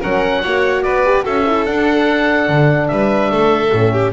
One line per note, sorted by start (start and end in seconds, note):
0.00 0.44 F#3
0.00 0.44 C#4
0.00 0.41 A#4
0.00 0.83 F#5
0.42 0.85 A#3
0.42 1.05 F#4
0.42 0.83 C#5
0.83 1.26 B3
0.83 1.24 B4
0.83 1.24 D5
1.05 1.23 G4
1.23 1.67 C#4
1.23 1.43 F#4
1.23 2.89 A4
1.23 1.66 E5
1.46 1.66 E4
1.66 3.71 D4
1.66 2.48 D4
1.66 2.88 F#5
2.48 2.89 D3
2.88 3.31 G3
2.88 3.31 B4
2.88 4.11 E5
3.31 3.72 A3
3.31 3.93 A4
3.72 4.13 A2
3.72 4.13 C#4
3.93 4.13 G4